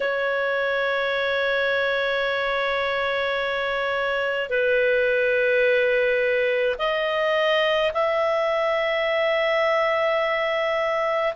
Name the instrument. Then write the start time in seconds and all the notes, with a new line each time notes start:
clarinet
0.00 C#5
4.49 B4
6.78 D#5
7.93 E5